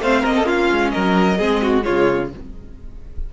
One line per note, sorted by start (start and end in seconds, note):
0.00 0.23 A3
0.00 0.44 C4
0.00 0.21 C5
0.00 0.25 F5
0.21 0.70 A#3
0.21 0.32 A#4
0.21 0.48 D#5
0.36 0.46 A4
0.44 1.35 C#4
0.44 0.92 F4
0.44 0.91 F5
0.71 0.94 G#3
0.91 1.40 F#3
0.91 1.38 A#4
0.91 1.83 D#5
1.38 1.85 G#3
1.38 1.83 C4
1.38 1.61 G#4
1.62 1.85 F#4
1.83 2.33 C#3
1.83 2.29 G#3
1.83 2.31 F4
1.83 2.29 C#5